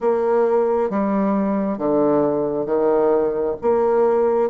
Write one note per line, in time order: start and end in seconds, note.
0.00 0.90 A#3
0.90 1.77 G3
1.77 2.66 D3
2.66 3.55 D#3
3.61 4.49 A#3